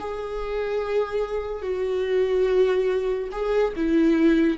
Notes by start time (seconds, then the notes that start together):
0.00 G#4
1.62 F#4
3.32 G#4
3.77 E4